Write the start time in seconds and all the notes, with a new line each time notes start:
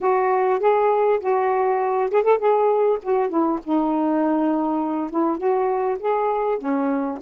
0.01 F#4
0.59 G#4
1.20 F#4
2.11 G#4
2.23 A4
2.38 G#4
3.02 F#4
3.29 E4
3.63 D#4
5.10 E4
5.37 F#4
5.99 G#4
6.58 C#4